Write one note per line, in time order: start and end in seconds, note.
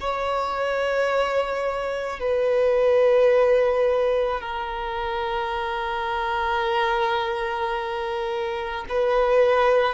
0.00 2.19 C#5
2.19 4.40 B4
4.40 8.85 A#4
8.88 9.94 B4